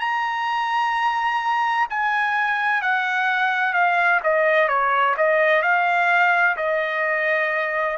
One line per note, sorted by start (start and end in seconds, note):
0.00 1.87 A#5
1.90 2.82 G#5
2.82 3.73 F#5
3.73 4.20 F5
4.24 4.68 D#5
4.68 5.15 C#5
5.17 5.62 D#5
5.62 6.56 F5
6.57 7.97 D#5